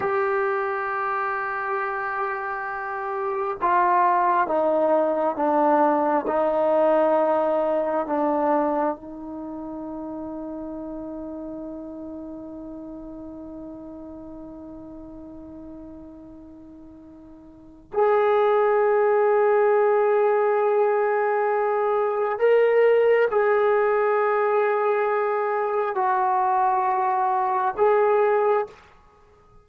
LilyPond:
\new Staff \with { instrumentName = "trombone" } { \time 4/4 \tempo 4 = 67 g'1 | f'4 dis'4 d'4 dis'4~ | dis'4 d'4 dis'2~ | dis'1~ |
dis'1 | gis'1~ | gis'4 ais'4 gis'2~ | gis'4 fis'2 gis'4 | }